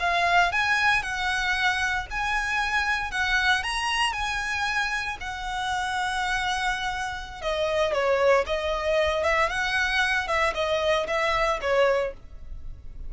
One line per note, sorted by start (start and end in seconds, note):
0.00 0.52 F5
0.52 1.03 G#5
1.03 2.07 F#5
2.10 3.11 G#5
3.11 3.63 F#5
3.63 4.13 A#5
4.13 5.17 G#5
5.21 7.42 F#5
7.42 7.93 D#5
7.93 8.45 C#5
8.46 9.24 D#5
9.24 9.50 E5
9.50 10.28 F#5
10.28 10.54 E5
10.55 11.07 D#5
11.08 11.60 E5
11.61 12.14 C#5